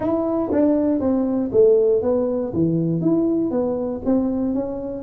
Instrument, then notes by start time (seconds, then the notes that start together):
tuba
0.00 E4
0.52 D4
0.99 C4
1.52 A3
2.02 B3
2.53 E3
3.01 E4
3.50 B3
4.05 C4
4.54 C#4